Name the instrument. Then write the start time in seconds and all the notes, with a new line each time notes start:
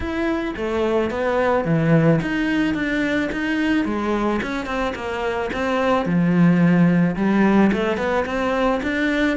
cello
0.00 E4
0.56 A3
1.10 B3
1.64 E3
2.21 D#4
2.74 D4
3.32 D#4
3.85 G#3
4.42 C#4
4.66 C4
4.95 A#3
5.53 C4
6.05 F3
7.16 G3
7.72 A3
7.97 B3
8.25 C4
8.82 D4